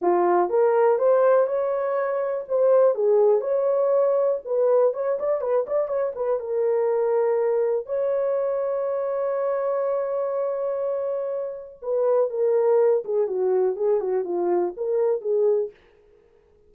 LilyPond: \new Staff \with { instrumentName = "horn" } { \time 4/4 \tempo 4 = 122 f'4 ais'4 c''4 cis''4~ | cis''4 c''4 gis'4 cis''4~ | cis''4 b'4 cis''8 d''8 b'8 d''8 | cis''8 b'8 ais'2. |
cis''1~ | cis''1 | b'4 ais'4. gis'8 fis'4 | gis'8 fis'8 f'4 ais'4 gis'4 | }